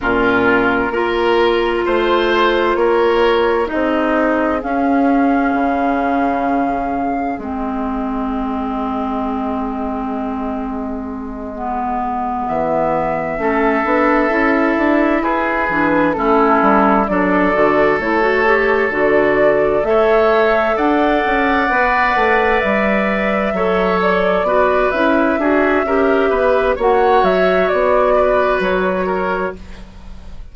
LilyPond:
<<
  \new Staff \with { instrumentName = "flute" } { \time 4/4 \tempo 4 = 65 ais'2 c''4 cis''4 | dis''4 f''2. | dis''1~ | dis''4. e''2~ e''8~ |
e''8 b'4 a'4 d''4 cis''8~ | cis''8 d''4 e''4 fis''4.~ | fis''8 e''4. d''4 e''4~ | e''4 fis''8 e''8 d''4 cis''4 | }
  \new Staff \with { instrumentName = "oboe" } { \time 4/4 f'4 ais'4 c''4 ais'4 | gis'1~ | gis'1~ | gis'2~ gis'8 a'4.~ |
a'8 gis'4 e'4 a'4.~ | a'4. cis''4 d''4.~ | d''4. cis''4 b'4 gis'8 | ais'8 b'8 cis''4. b'4 ais'8 | }
  \new Staff \with { instrumentName = "clarinet" } { \time 4/4 cis'4 f'2. | dis'4 cis'2. | c'1~ | c'8 b2 cis'8 d'8 e'8~ |
e'4 d'8 cis'4 d'8 fis'8 e'16 fis'16 | g'8 fis'4 a'2 b'8~ | b'4. a'4 fis'8 e'8 fis'8 | g'4 fis'2. | }
  \new Staff \with { instrumentName = "bassoon" } { \time 4/4 ais,4 ais4 a4 ais4 | c'4 cis'4 cis2 | gis1~ | gis4. e4 a8 b8 cis'8 |
d'8 e'8 e8 a8 g8 fis8 d8 a8~ | a8 d4 a4 d'8 cis'8 b8 | a8 g4 fis4 b8 cis'8 d'8 | cis'8 b8 ais8 fis8 b4 fis4 | }
>>